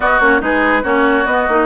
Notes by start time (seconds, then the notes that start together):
0.00 B3 F#4 D#5
0.19 A#3 C#4 C#5
0.40 G#3 D#4 G#4 B4
0.82 A#3 C#4 F#4 C#5
1.26 B3 D#5
1.48 A#3 D#4